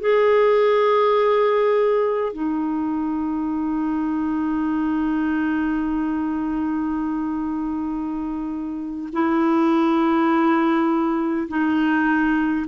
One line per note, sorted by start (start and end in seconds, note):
0.00 2.33 G#4
2.33 9.09 D#4
9.12 11.48 E4
11.48 12.66 D#4